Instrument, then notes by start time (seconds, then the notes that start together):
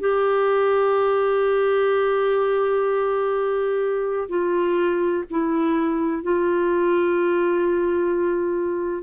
clarinet
0.00 G4
4.29 F4
5.30 E4
6.23 F4